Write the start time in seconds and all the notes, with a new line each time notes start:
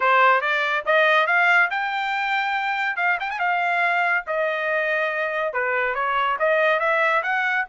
0.00 C5
0.41 D5
0.85 D#5
1.27 F5
1.70 G5
2.96 F5
3.20 G5
3.30 G#5
3.39 F5
4.26 D#5
5.53 B4
5.94 C#5
6.39 D#5
6.79 E5
7.22 F#5